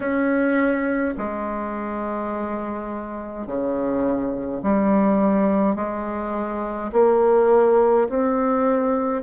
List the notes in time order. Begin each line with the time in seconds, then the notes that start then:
0.00 C#4
1.17 G#3
3.46 C#3
4.62 G3
5.75 G#3
6.92 A#3
8.09 C4